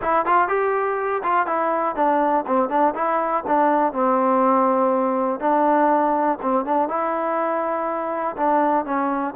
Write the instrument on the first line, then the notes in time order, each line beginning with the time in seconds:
trombone
0.01 E4
0.25 F4
0.48 G4
1.23 F4
1.46 E4
1.95 D4
2.46 C4
2.69 D4
2.94 E4
3.47 D4
3.93 C4
5.40 D4
6.42 C4
6.65 D4
6.88 E4
8.37 D4
8.85 C#4